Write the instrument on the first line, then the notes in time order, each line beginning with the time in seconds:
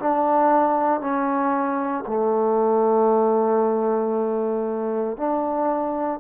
trombone
0.00 D4
1.01 C#4
2.07 A3
5.18 D4